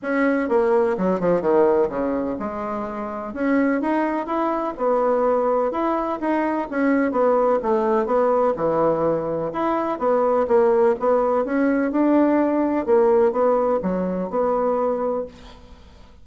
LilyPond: \new Staff \with { instrumentName = "bassoon" } { \time 4/4 \tempo 4 = 126 cis'4 ais4 fis8 f8 dis4 | cis4 gis2 cis'4 | dis'4 e'4 b2 | e'4 dis'4 cis'4 b4 |
a4 b4 e2 | e'4 b4 ais4 b4 | cis'4 d'2 ais4 | b4 fis4 b2 | }